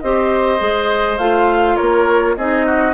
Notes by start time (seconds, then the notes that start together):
0.00 C4 G4 C5 D#5
0.59 G#3 G#4
1.18 A3 F4 F5
1.76 A#3 A#4 C#5
2.36 C4 D#4 G#4 D#5
2.66 F#4